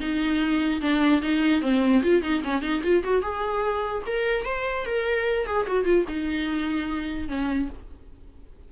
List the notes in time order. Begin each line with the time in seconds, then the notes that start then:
0.00 D#4
0.81 D4
1.22 D#4
1.62 C4
2.03 F4
2.22 D#4
2.44 C#4
2.62 D#4
2.83 F4
3.04 F#4
3.22 G#4
4.07 A#4
4.46 C5
4.86 A#4
5.47 G#4
5.67 F#4
5.85 F4
6.08 D#4
7.28 C#4